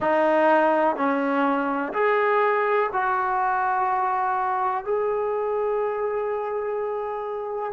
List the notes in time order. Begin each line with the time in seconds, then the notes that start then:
0.00 D#4
0.96 C#4
1.93 G#4
2.93 F#4
4.84 G#4